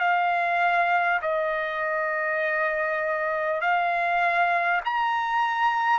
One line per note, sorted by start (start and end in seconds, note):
0.00 1.20 F5
1.21 3.61 D#5
3.61 4.81 F5
4.85 5.99 A#5